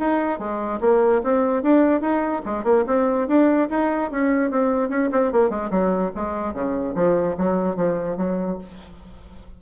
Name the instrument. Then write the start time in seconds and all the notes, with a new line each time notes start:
bassoon
0.00 D#4
0.39 G#3
0.81 A#3
1.24 C4
1.63 D4
2.01 D#4
2.46 G#3
2.64 A#3
2.87 C4
3.28 D4
3.70 D#4
4.11 C#4
4.51 C4
4.90 C#4
5.12 C4
5.33 A#3
5.50 G#3
5.71 F#3
6.16 G#3
6.54 C#3
6.96 F3
7.38 F#3
7.77 F3
8.18 F#3